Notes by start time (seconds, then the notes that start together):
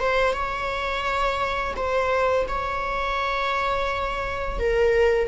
0.00 C5
0.33 C#5
1.76 C5
2.48 C#5
4.59 A#4